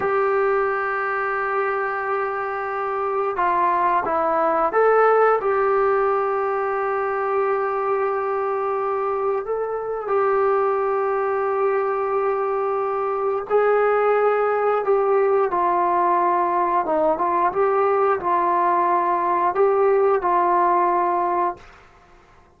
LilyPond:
\new Staff \with { instrumentName = "trombone" } { \time 4/4 \tempo 4 = 89 g'1~ | g'4 f'4 e'4 a'4 | g'1~ | g'2 a'4 g'4~ |
g'1 | gis'2 g'4 f'4~ | f'4 dis'8 f'8 g'4 f'4~ | f'4 g'4 f'2 | }